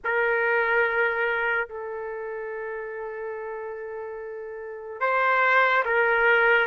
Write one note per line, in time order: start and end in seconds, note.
0.04 1.68 A#4
1.68 5.00 A4
5.00 5.83 C5
5.85 6.67 A#4